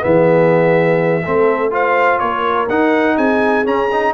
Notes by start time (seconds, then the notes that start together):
0.00 E3 B3 G#4 E5
1.25 A3 C4 A4
1.71 F4 C5 F5
2.19 A#3 A#4 C#5
2.69 D#4 F#5
3.16 C4 G#4 G#5
3.65 C#4 A#5
3.92 D#4